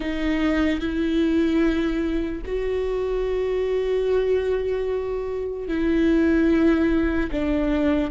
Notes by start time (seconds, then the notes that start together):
0.00 D#4
0.80 E4
2.45 F#4
5.68 E4
7.31 D4